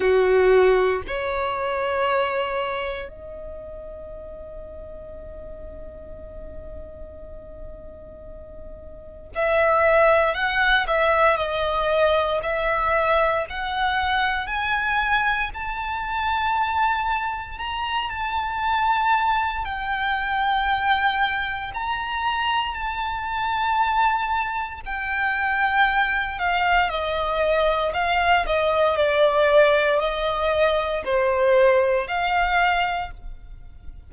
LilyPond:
\new Staff \with { instrumentName = "violin" } { \time 4/4 \tempo 4 = 58 fis'4 cis''2 dis''4~ | dis''1~ | dis''4 e''4 fis''8 e''8 dis''4 | e''4 fis''4 gis''4 a''4~ |
a''4 ais''8 a''4. g''4~ | g''4 ais''4 a''2 | g''4. f''8 dis''4 f''8 dis''8 | d''4 dis''4 c''4 f''4 | }